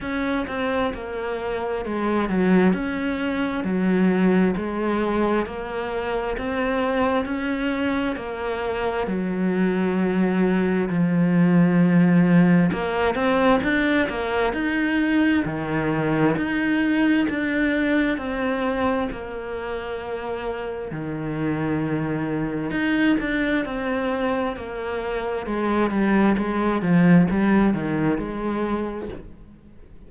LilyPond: \new Staff \with { instrumentName = "cello" } { \time 4/4 \tempo 4 = 66 cis'8 c'8 ais4 gis8 fis8 cis'4 | fis4 gis4 ais4 c'4 | cis'4 ais4 fis2 | f2 ais8 c'8 d'8 ais8 |
dis'4 dis4 dis'4 d'4 | c'4 ais2 dis4~ | dis4 dis'8 d'8 c'4 ais4 | gis8 g8 gis8 f8 g8 dis8 gis4 | }